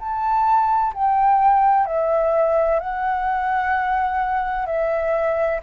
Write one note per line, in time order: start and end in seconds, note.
0.00 0.94 A5
0.94 1.86 G5
1.86 2.80 E5
2.80 4.67 F#5
4.67 5.60 E5